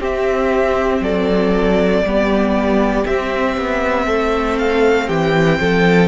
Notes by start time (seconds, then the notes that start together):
0.00 C4 G4 E5
1.01 F#3 A4 D5
2.03 G3 B3 G4
3.07 C4 E5
3.58 B3
4.06 A3 A4
4.59 F5
5.08 E3 G4 G5
5.61 F3 A4